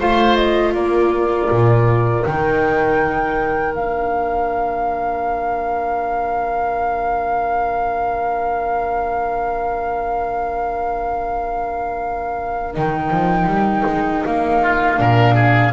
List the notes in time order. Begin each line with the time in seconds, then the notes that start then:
0.00 A3 F4 C5 F5
0.36 D#5
0.74 A#3 A#4 D5
1.50 A#2
2.25 D#3 D#4 G5
3.75 A#3 D4 F5
12.74 D#3 D#4 G5
13.11 F3
13.47 G3
13.86 G#3
14.25 A#3 F5
14.62 F4
14.98 A#2 D4 A#4
15.35 G#4